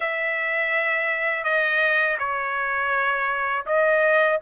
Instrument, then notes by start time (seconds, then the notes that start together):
trumpet
0.00 E5
1.44 D#5
2.19 C#5
3.66 D#5